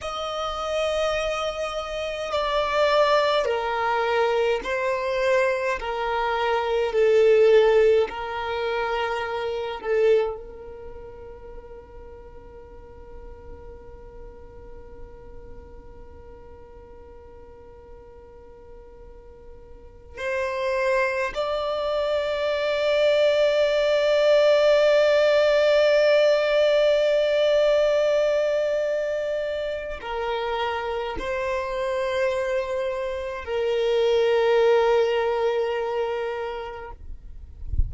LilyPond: \new Staff \with { instrumentName = "violin" } { \time 4/4 \tempo 4 = 52 dis''2 d''4 ais'4 | c''4 ais'4 a'4 ais'4~ | ais'8 a'8 ais'2.~ | ais'1~ |
ais'4. c''4 d''4.~ | d''1~ | d''2 ais'4 c''4~ | c''4 ais'2. | }